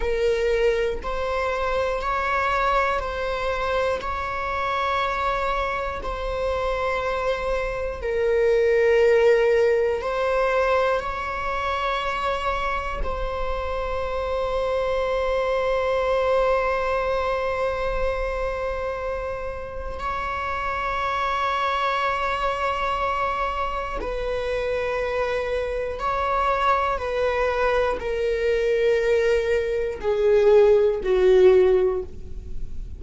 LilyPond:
\new Staff \with { instrumentName = "viola" } { \time 4/4 \tempo 4 = 60 ais'4 c''4 cis''4 c''4 | cis''2 c''2 | ais'2 c''4 cis''4~ | cis''4 c''2.~ |
c''1 | cis''1 | b'2 cis''4 b'4 | ais'2 gis'4 fis'4 | }